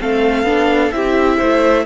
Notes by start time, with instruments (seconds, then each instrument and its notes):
0.00 cello A3, viola C4, violin A4 F5
0.44 cello B3, viola D4
0.92 cello C4, viola E4, violin G4 E5
1.38 cello A3, violin C5